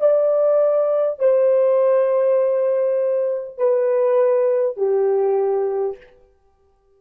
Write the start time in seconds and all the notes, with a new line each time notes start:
0.00 D5
1.19 C5
3.57 B4
4.77 G4